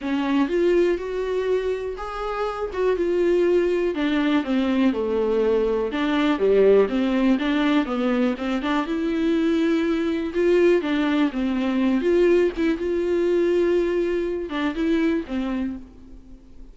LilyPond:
\new Staff \with { instrumentName = "viola" } { \time 4/4 \tempo 4 = 122 cis'4 f'4 fis'2 | gis'4. fis'8 f'2 | d'4 c'4 a2 | d'4 g4 c'4 d'4 |
b4 c'8 d'8 e'2~ | e'4 f'4 d'4 c'4~ | c'8 f'4 e'8 f'2~ | f'4. d'8 e'4 c'4 | }